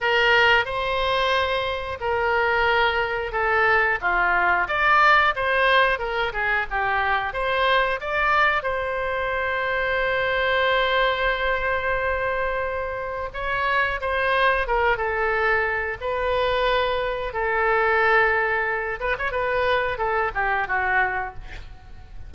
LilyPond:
\new Staff \with { instrumentName = "oboe" } { \time 4/4 \tempo 4 = 90 ais'4 c''2 ais'4~ | ais'4 a'4 f'4 d''4 | c''4 ais'8 gis'8 g'4 c''4 | d''4 c''2.~ |
c''1 | cis''4 c''4 ais'8 a'4. | b'2 a'2~ | a'8 b'16 cis''16 b'4 a'8 g'8 fis'4 | }